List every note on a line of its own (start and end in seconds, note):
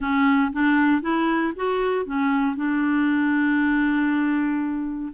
0.00 0.52 C#4
0.52 1.01 D4
1.01 1.53 E4
1.55 2.05 F#4
2.05 2.56 C#4
2.56 5.12 D4